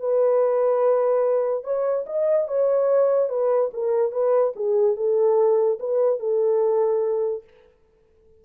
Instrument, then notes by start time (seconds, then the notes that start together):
horn
0.00 B4
1.64 C#5
2.07 D#5
2.48 C#5
3.29 B4
3.74 A#4
4.12 B4
4.56 G#4
4.96 A4
5.80 B4
6.20 A4